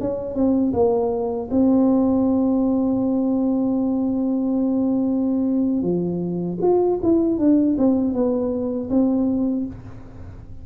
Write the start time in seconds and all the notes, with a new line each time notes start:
0.00 C#4
0.35 C4
0.73 A#3
1.51 C4
5.82 F3
6.62 F4
7.03 E4
7.38 D4
7.78 C4
8.14 B3
8.90 C4